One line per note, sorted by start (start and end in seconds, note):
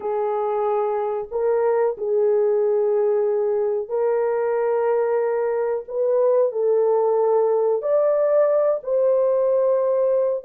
0.00 1.27 G#4
1.31 1.96 A#4
1.97 3.88 G#4
3.88 5.84 A#4
5.88 6.52 B4
6.52 7.82 A4
7.82 8.80 D5
8.83 10.44 C5